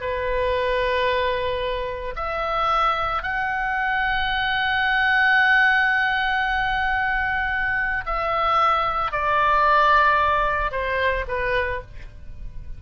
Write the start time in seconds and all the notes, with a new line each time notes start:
0.00 B4
2.16 E5
3.22 F#5
8.06 E5
9.11 D5
10.71 C5
11.27 B4